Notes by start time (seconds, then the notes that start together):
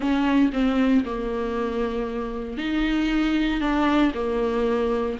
0.00 C#4
0.52 C4
1.04 A#3
2.57 D#4
3.60 D4
4.14 A#3